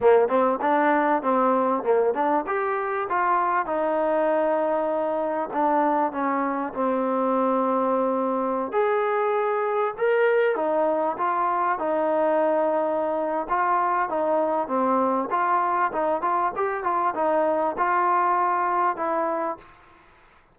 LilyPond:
\new Staff \with { instrumentName = "trombone" } { \time 4/4 \tempo 4 = 98 ais8 c'8 d'4 c'4 ais8 d'8 | g'4 f'4 dis'2~ | dis'4 d'4 cis'4 c'4~ | c'2~ c'16 gis'4.~ gis'16~ |
gis'16 ais'4 dis'4 f'4 dis'8.~ | dis'2 f'4 dis'4 | c'4 f'4 dis'8 f'8 g'8 f'8 | dis'4 f'2 e'4 | }